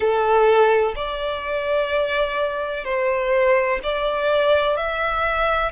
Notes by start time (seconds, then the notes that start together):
0.00 A4
0.95 D5
2.84 C5
3.83 D5
4.76 E5